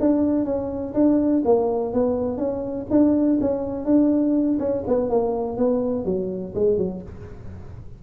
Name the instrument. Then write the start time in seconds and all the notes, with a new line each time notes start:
tuba
0.00 D4
0.45 C#4
0.94 D4
1.45 A#3
1.93 B3
2.37 C#4
2.90 D4
3.41 C#4
3.85 D4
4.59 C#4
4.87 B3
5.10 A#3
5.57 B3
6.05 F#3
6.55 G#3
6.77 F#3